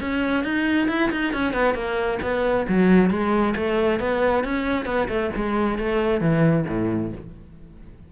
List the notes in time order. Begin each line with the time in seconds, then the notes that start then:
0.00 C#4
0.44 D#4
0.88 E4
1.11 D#4
1.33 C#4
1.53 B3
1.74 A#3
2.21 B3
2.68 F#3
3.10 G#3
3.56 A3
3.99 B3
4.44 C#4
4.85 B3
5.08 A3
5.35 G#3
5.78 A3
6.20 E3
6.67 A2